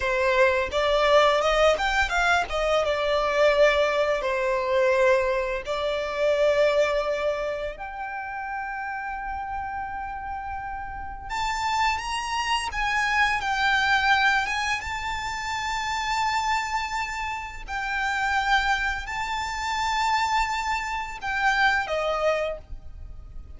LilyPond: \new Staff \with { instrumentName = "violin" } { \time 4/4 \tempo 4 = 85 c''4 d''4 dis''8 g''8 f''8 dis''8 | d''2 c''2 | d''2. g''4~ | g''1 |
a''4 ais''4 gis''4 g''4~ | g''8 gis''8 a''2.~ | a''4 g''2 a''4~ | a''2 g''4 dis''4 | }